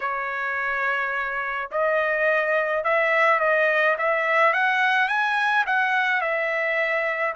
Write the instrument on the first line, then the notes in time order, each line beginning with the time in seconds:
trumpet
0.00 C#5
1.71 D#5
2.84 E5
3.39 D#5
3.98 E5
4.53 F#5
5.08 G#5
5.66 F#5
6.21 E5